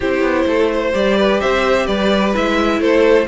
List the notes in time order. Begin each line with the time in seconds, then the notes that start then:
0.00 C4 E4 G4 C5
0.21 B3
0.46 A3 A4
0.73 C5
0.92 G3 G4 D5
1.18 B4
1.40 C4 C5 E5
1.86 G3 B4 D5
2.33 G#3 E4 E5
2.80 A3 A4 C5